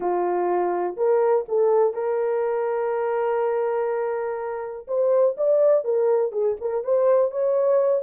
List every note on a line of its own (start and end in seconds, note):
0.00 0.96 F4
0.96 1.45 A#4
1.48 1.93 A4
1.93 4.86 A#4
4.87 5.36 C5
5.37 5.84 D5
5.84 6.32 A#4
6.32 6.56 G#4
6.60 6.84 A#4
6.84 7.31 C5
7.31 8.02 C#5